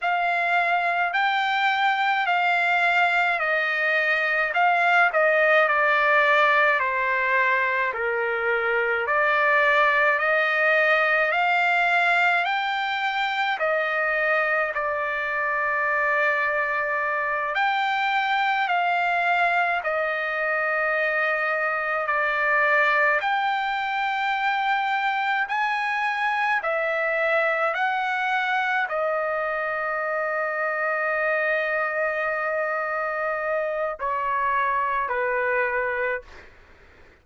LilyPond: \new Staff \with { instrumentName = "trumpet" } { \time 4/4 \tempo 4 = 53 f''4 g''4 f''4 dis''4 | f''8 dis''8 d''4 c''4 ais'4 | d''4 dis''4 f''4 g''4 | dis''4 d''2~ d''8 g''8~ |
g''8 f''4 dis''2 d''8~ | d''8 g''2 gis''4 e''8~ | e''8 fis''4 dis''2~ dis''8~ | dis''2 cis''4 b'4 | }